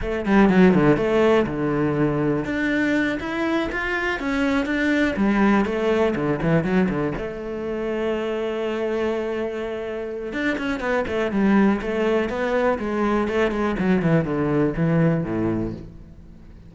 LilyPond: \new Staff \with { instrumentName = "cello" } { \time 4/4 \tempo 4 = 122 a8 g8 fis8 d8 a4 d4~ | d4 d'4. e'4 f'8~ | f'8 cis'4 d'4 g4 a8~ | a8 d8 e8 fis8 d8 a4.~ |
a1~ | a4 d'8 cis'8 b8 a8 g4 | a4 b4 gis4 a8 gis8 | fis8 e8 d4 e4 a,4 | }